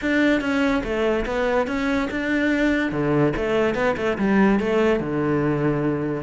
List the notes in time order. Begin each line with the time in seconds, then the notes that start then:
0.01 D4
0.41 C#4
0.83 A3
1.25 B3
1.67 C#4
2.10 D4
2.91 D3
3.36 A3
3.75 B3
3.96 A3
4.17 G3
4.59 A3
5.00 D3